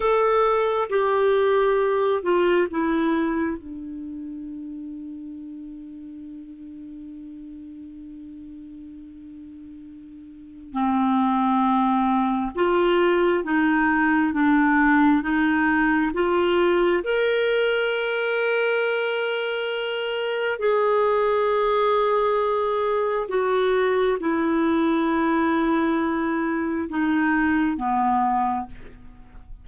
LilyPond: \new Staff \with { instrumentName = "clarinet" } { \time 4/4 \tempo 4 = 67 a'4 g'4. f'8 e'4 | d'1~ | d'1 | c'2 f'4 dis'4 |
d'4 dis'4 f'4 ais'4~ | ais'2. gis'4~ | gis'2 fis'4 e'4~ | e'2 dis'4 b4 | }